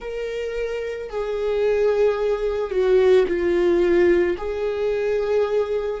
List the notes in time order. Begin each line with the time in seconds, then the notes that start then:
0.00 A#4
1.09 G#4
2.70 F#4
3.27 F4
4.37 G#4